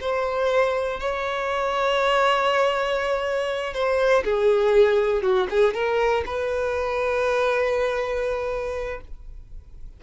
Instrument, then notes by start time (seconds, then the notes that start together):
violin
0.00 C5
1.00 C#5
3.73 C5
4.24 G#4
5.22 F#4
5.50 G#4
5.74 A#4
6.25 B4